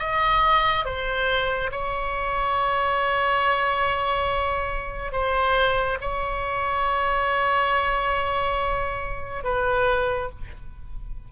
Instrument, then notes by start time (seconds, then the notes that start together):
oboe
0.00 D#5
0.85 C5
1.71 C#5
5.13 C5
6.01 C#5
9.44 B4